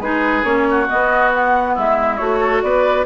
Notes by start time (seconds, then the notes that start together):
0.00 G#3 D#4 G#4 B4
0.44 A#3 C#4 C#5
0.70 F#4
0.88 B3 D#5
1.33 F#5
1.74 G#3 E4 E5
2.17 A3 F#4 C#5
2.40 A4
2.63 B3 B4 D5